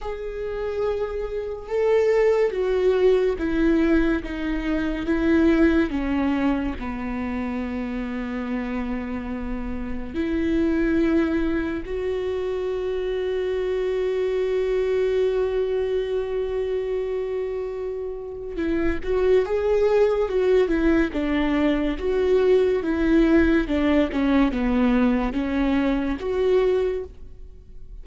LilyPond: \new Staff \with { instrumentName = "viola" } { \time 4/4 \tempo 4 = 71 gis'2 a'4 fis'4 | e'4 dis'4 e'4 cis'4 | b1 | e'2 fis'2~ |
fis'1~ | fis'2 e'8 fis'8 gis'4 | fis'8 e'8 d'4 fis'4 e'4 | d'8 cis'8 b4 cis'4 fis'4 | }